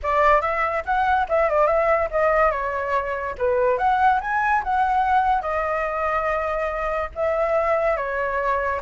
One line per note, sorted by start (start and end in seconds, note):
0.02 0.41 D5
0.41 0.83 E5
0.85 1.27 F#5
1.28 1.49 E5
1.49 1.66 D5
1.66 2.08 E5
2.11 2.51 D#5
2.51 3.35 C#5
3.38 3.78 B4
3.78 4.20 F#5
4.20 4.62 G#5
4.63 5.41 F#5
5.41 7.09 D#5
7.15 7.96 E5
7.96 8.80 C#5